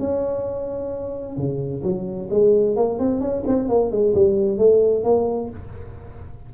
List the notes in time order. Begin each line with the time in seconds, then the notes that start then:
0.00 C#4
1.37 C#3
1.84 F#3
2.31 G#3
2.77 A#3
2.99 C4
3.21 C#4
3.47 C4
3.69 A#3
3.92 G#3
4.15 G3
4.58 A3
5.04 A#3